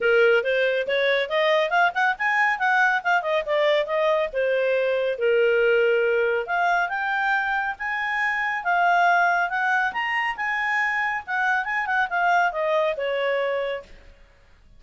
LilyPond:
\new Staff \with { instrumentName = "clarinet" } { \time 4/4 \tempo 4 = 139 ais'4 c''4 cis''4 dis''4 | f''8 fis''8 gis''4 fis''4 f''8 dis''8 | d''4 dis''4 c''2 | ais'2. f''4 |
g''2 gis''2 | f''2 fis''4 ais''4 | gis''2 fis''4 gis''8 fis''8 | f''4 dis''4 cis''2 | }